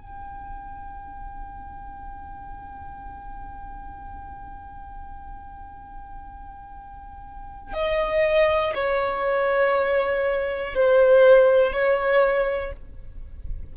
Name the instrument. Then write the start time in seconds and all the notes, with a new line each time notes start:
violin
0.00 G5
7.73 D#5
8.74 C#5
10.75 C5
11.72 C#5